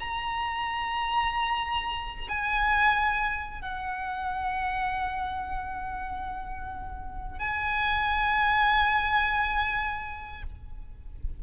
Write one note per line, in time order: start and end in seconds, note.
0.00 2.28 A#5
2.29 3.62 G#5
3.62 7.39 F#5
7.39 10.43 G#5